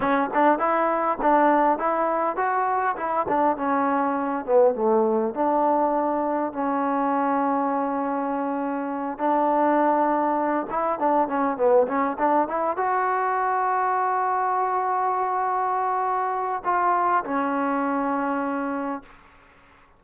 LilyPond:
\new Staff \with { instrumentName = "trombone" } { \time 4/4 \tempo 4 = 101 cis'8 d'8 e'4 d'4 e'4 | fis'4 e'8 d'8 cis'4. b8 | a4 d'2 cis'4~ | cis'2.~ cis'8 d'8~ |
d'2 e'8 d'8 cis'8 b8 | cis'8 d'8 e'8 fis'2~ fis'8~ | fis'1 | f'4 cis'2. | }